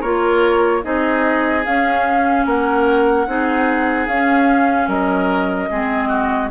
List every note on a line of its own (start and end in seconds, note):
0.00 0.84 A#3
0.00 0.82 F4
0.00 0.81 A#4
0.00 0.83 C#5
0.82 1.66 C4
0.82 1.63 D#4
0.82 2.46 G#4
0.82 1.65 D#5
1.65 2.45 C#4
1.65 3.27 C#4
1.65 2.46 F5
2.45 3.26 A#3
2.45 3.27 A#4
2.45 4.07 F#5
3.27 4.07 C4
3.27 4.08 D#4
3.27 4.88 G#4
4.07 4.88 C#4
4.07 5.70 C#4
4.07 4.89 F5
4.88 5.69 F#3
4.88 5.69 A#4
4.88 6.51 D#5
5.70 6.51 G#3
5.70 6.51 C4
5.70 6.08 G#4
6.08 6.49 F#4